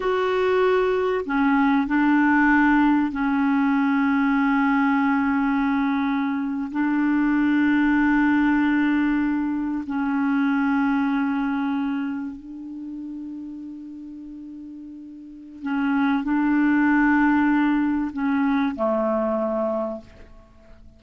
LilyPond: \new Staff \with { instrumentName = "clarinet" } { \time 4/4 \tempo 4 = 96 fis'2 cis'4 d'4~ | d'4 cis'2.~ | cis'2~ cis'8. d'4~ d'16~ | d'2.~ d'8. cis'16~ |
cis'2.~ cis'8. d'16~ | d'1~ | d'4 cis'4 d'2~ | d'4 cis'4 a2 | }